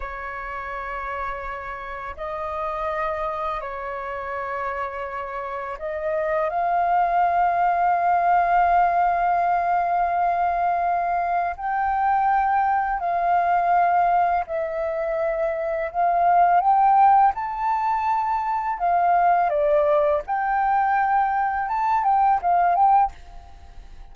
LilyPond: \new Staff \with { instrumentName = "flute" } { \time 4/4 \tempo 4 = 83 cis''2. dis''4~ | dis''4 cis''2. | dis''4 f''2.~ | f''1 |
g''2 f''2 | e''2 f''4 g''4 | a''2 f''4 d''4 | g''2 a''8 g''8 f''8 g''8 | }